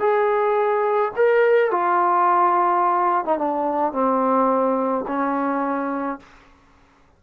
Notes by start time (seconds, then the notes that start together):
0.00 G#4
1.16 A#4
1.72 F4
3.25 D#4
3.38 D4
3.93 C4
5.08 C#4